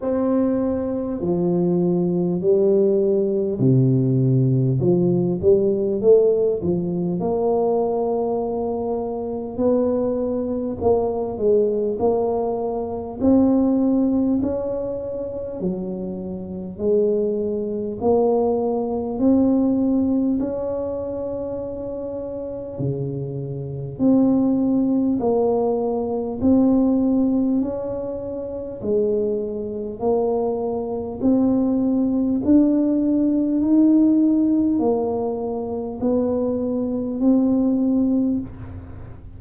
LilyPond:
\new Staff \with { instrumentName = "tuba" } { \time 4/4 \tempo 4 = 50 c'4 f4 g4 c4 | f8 g8 a8 f8 ais2 | b4 ais8 gis8 ais4 c'4 | cis'4 fis4 gis4 ais4 |
c'4 cis'2 cis4 | c'4 ais4 c'4 cis'4 | gis4 ais4 c'4 d'4 | dis'4 ais4 b4 c'4 | }